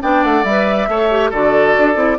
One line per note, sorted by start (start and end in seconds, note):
0.00 0.24 B3
0.00 0.43 D4
0.00 0.89 D5
0.00 0.23 G5
0.23 0.44 A3
0.23 0.44 F#5
0.44 0.87 G3
0.44 0.88 B4
0.44 1.31 E5
0.88 1.31 A3
0.88 1.10 A4
0.88 1.30 C#5
1.10 1.32 G4
1.30 1.76 D3
1.30 1.95 F#4
1.30 2.17 A4
1.30 2.18 D5
1.78 1.95 D4
1.95 2.17 C4
1.95 2.17 E4